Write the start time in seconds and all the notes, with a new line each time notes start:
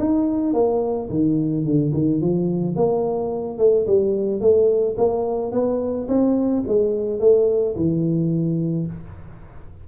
0.00 D#4
0.54 A#3
1.10 D#3
1.65 D3
1.94 D#3
2.21 F3
2.77 A#3
3.59 A3
3.87 G3
4.41 A3
4.98 A#3
5.52 B3
6.09 C4
6.68 G#3
7.20 A3
7.76 E3